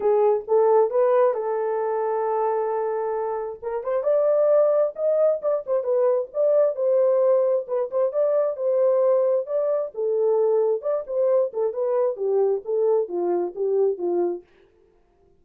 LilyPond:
\new Staff \with { instrumentName = "horn" } { \time 4/4 \tempo 4 = 133 gis'4 a'4 b'4 a'4~ | a'1 | ais'8 c''8 d''2 dis''4 | d''8 c''8 b'4 d''4 c''4~ |
c''4 b'8 c''8 d''4 c''4~ | c''4 d''4 a'2 | d''8 c''4 a'8 b'4 g'4 | a'4 f'4 g'4 f'4 | }